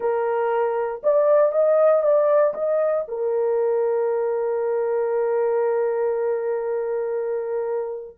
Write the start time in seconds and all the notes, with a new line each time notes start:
0.00 A#4
1.03 D5
1.52 D#5
2.02 D5
2.54 D#5
3.08 A#4